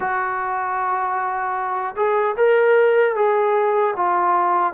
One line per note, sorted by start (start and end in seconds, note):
0.00 1.95 F#4
1.96 2.35 G#4
2.36 3.15 A#4
3.15 3.94 G#4
3.96 4.73 F4